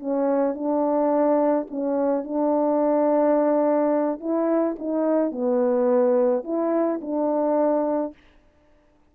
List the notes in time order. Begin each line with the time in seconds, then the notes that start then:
0.00 C#4
0.55 D4
1.71 C#4
2.25 D4
4.21 E4
4.79 D#4
5.32 B3
6.45 E4
7.02 D4